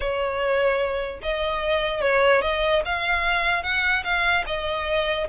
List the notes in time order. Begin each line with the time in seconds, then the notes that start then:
0.00 C#5
1.22 D#5
2.01 C#5
2.41 D#5
2.85 F5
3.63 F#5
4.03 F5
4.46 D#5